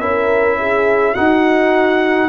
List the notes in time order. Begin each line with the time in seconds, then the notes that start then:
0.00 C#4 E4 A#4 E5
0.60 G#4
1.14 D#4 F#4 F#5